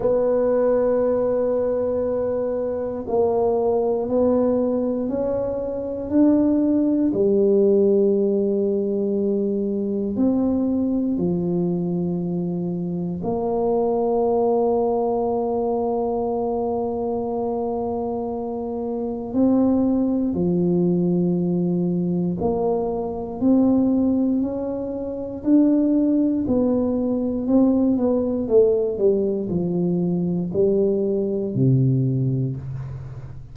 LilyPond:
\new Staff \with { instrumentName = "tuba" } { \time 4/4 \tempo 4 = 59 b2. ais4 | b4 cis'4 d'4 g4~ | g2 c'4 f4~ | f4 ais2.~ |
ais2. c'4 | f2 ais4 c'4 | cis'4 d'4 b4 c'8 b8 | a8 g8 f4 g4 c4 | }